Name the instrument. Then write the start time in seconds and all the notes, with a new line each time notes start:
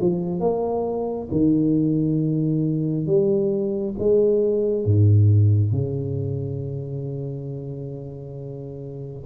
tuba
0.00 F3
0.40 A#3
1.31 D#3
3.06 G3
3.99 G#3
4.85 G#2
5.72 C#3